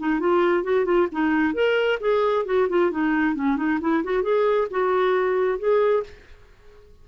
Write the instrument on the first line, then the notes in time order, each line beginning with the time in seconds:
clarinet
0.00 D#4
0.20 F4
0.64 F#4
0.86 F4
1.13 D#4
1.54 A#4
2.01 G#4
2.46 F#4
2.69 F4
2.92 D#4
3.36 C#4
3.57 D#4
3.81 E4
4.04 F#4
4.23 G#4
4.71 F#4
5.59 G#4